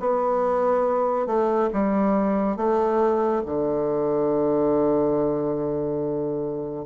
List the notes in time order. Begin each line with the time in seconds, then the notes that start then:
0.00 B3
1.27 A3
1.73 G3
2.57 A3
3.46 D3